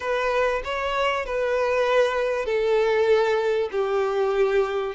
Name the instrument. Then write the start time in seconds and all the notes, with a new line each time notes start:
violin
0.00 B4
0.64 C#5
1.25 B4
2.45 A4
3.71 G4